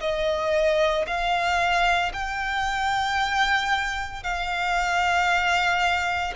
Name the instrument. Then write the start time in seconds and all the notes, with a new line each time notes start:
violin
0.00 D#5
1.07 F5
2.12 G5
4.22 F5